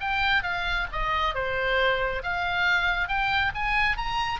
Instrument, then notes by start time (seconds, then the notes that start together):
oboe
0.00 G5
0.43 F5
0.92 D#5
1.34 C5
2.23 F5
3.08 G5
3.54 G#5
3.97 A#5